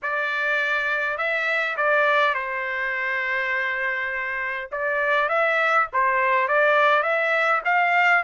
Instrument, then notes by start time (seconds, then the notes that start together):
trumpet
0.02 D5
1.17 E5
1.76 D5
2.34 C5
4.71 D5
5.29 E5
5.93 C5
6.48 D5
7.03 E5
7.64 F5